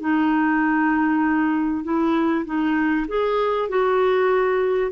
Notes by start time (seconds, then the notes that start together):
0.00 D#4
1.84 E4
2.45 D#4
3.08 G#4
3.69 F#4